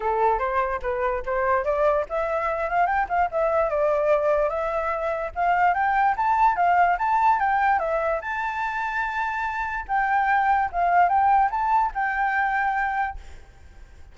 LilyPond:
\new Staff \with { instrumentName = "flute" } { \time 4/4 \tempo 4 = 146 a'4 c''4 b'4 c''4 | d''4 e''4. f''8 g''8 f''8 | e''4 d''2 e''4~ | e''4 f''4 g''4 a''4 |
f''4 a''4 g''4 e''4 | a''1 | g''2 f''4 g''4 | a''4 g''2. | }